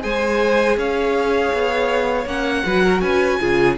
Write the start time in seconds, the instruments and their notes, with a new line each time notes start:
0.00 cello G#3, viola G#4, violin C5 G#5
0.77 cello C#4, violin C#5 F5
1.53 cello B3
2.26 cello A#3, viola C#4, violin F#5
2.66 cello F#3, viola F#4, violin B4
2.83 violin A#4
3.01 cello C#4, violin B4 G#5
3.41 cello C#3, viola F4, violin G#4